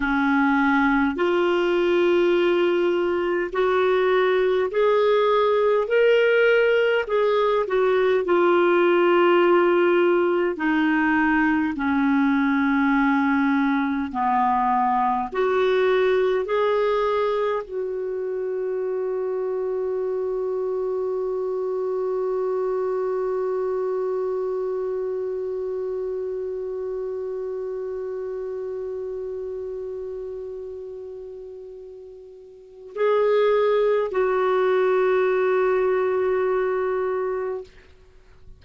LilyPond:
\new Staff \with { instrumentName = "clarinet" } { \time 4/4 \tempo 4 = 51 cis'4 f'2 fis'4 | gis'4 ais'4 gis'8 fis'8 f'4~ | f'4 dis'4 cis'2 | b4 fis'4 gis'4 fis'4~ |
fis'1~ | fis'1~ | fis'1 | gis'4 fis'2. | }